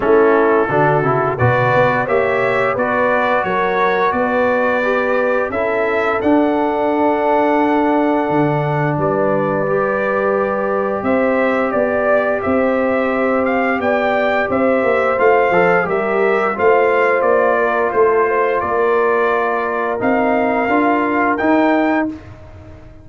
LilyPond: <<
  \new Staff \with { instrumentName = "trumpet" } { \time 4/4 \tempo 4 = 87 a'2 d''4 e''4 | d''4 cis''4 d''2 | e''4 fis''2.~ | fis''4 d''2. |
e''4 d''4 e''4. f''8 | g''4 e''4 f''4 e''4 | f''4 d''4 c''4 d''4~ | d''4 f''2 g''4 | }
  \new Staff \with { instrumentName = "horn" } { \time 4/4 e'4 fis'4 b'4 cis''4 | b'4 ais'4 b'2 | a'1~ | a'4 b'2. |
c''4 d''4 c''2 | d''4 c''2 ais'4 | c''4. ais'8 a'8 c''8 ais'4~ | ais'1 | }
  \new Staff \with { instrumentName = "trombone" } { \time 4/4 cis'4 d'8 e'8 fis'4 g'4 | fis'2. g'4 | e'4 d'2.~ | d'2 g'2~ |
g'1~ | g'2 f'8 a'8 g'4 | f'1~ | f'4 dis'4 f'4 dis'4 | }
  \new Staff \with { instrumentName = "tuba" } { \time 4/4 a4 d8 cis8 b,8 b8 ais4 | b4 fis4 b2 | cis'4 d'2. | d4 g2. |
c'4 b4 c'2 | b4 c'8 ais8 a8 f8 g4 | a4 ais4 a4 ais4~ | ais4 c'4 d'4 dis'4 | }
>>